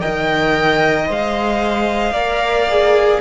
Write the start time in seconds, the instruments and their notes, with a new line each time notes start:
0.00 cello D#3, viola A#4, violin D#5 G5
1.06 cello G#3, viola C5, violin F5
2.11 cello A#3, viola A#4, violin D5
2.69 viola G#4